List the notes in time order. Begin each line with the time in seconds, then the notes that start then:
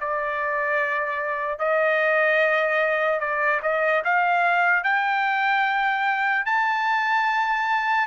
0.00 D5
1.58 D#5
3.20 D5
3.62 D#5
4.04 F5
4.83 G5
6.45 A5